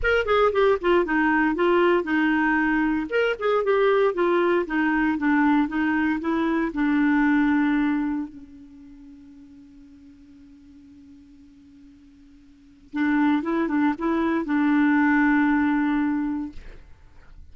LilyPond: \new Staff \with { instrumentName = "clarinet" } { \time 4/4 \tempo 4 = 116 ais'8 gis'8 g'8 f'8 dis'4 f'4 | dis'2 ais'8 gis'8 g'4 | f'4 dis'4 d'4 dis'4 | e'4 d'2. |
cis'1~ | cis'1~ | cis'4 d'4 e'8 d'8 e'4 | d'1 | }